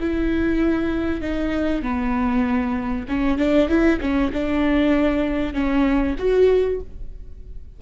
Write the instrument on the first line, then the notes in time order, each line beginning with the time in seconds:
viola
0.00 E4
1.21 D#4
1.82 B3
3.08 C#4
3.38 D4
3.69 E4
4.00 C#4
4.32 D4
5.54 C#4
6.18 F#4